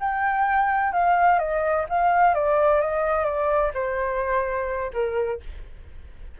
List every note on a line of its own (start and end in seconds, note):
0.00 0.93 G5
0.93 1.39 F5
1.39 1.86 D#5
1.89 2.34 F5
2.34 2.81 D5
2.81 3.25 D#5
3.25 3.72 D5
3.74 4.91 C5
4.93 5.40 A#4